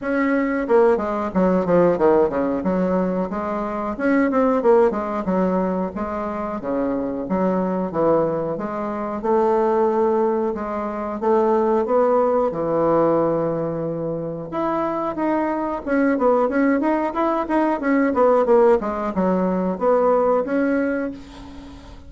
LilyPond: \new Staff \with { instrumentName = "bassoon" } { \time 4/4 \tempo 4 = 91 cis'4 ais8 gis8 fis8 f8 dis8 cis8 | fis4 gis4 cis'8 c'8 ais8 gis8 | fis4 gis4 cis4 fis4 | e4 gis4 a2 |
gis4 a4 b4 e4~ | e2 e'4 dis'4 | cis'8 b8 cis'8 dis'8 e'8 dis'8 cis'8 b8 | ais8 gis8 fis4 b4 cis'4 | }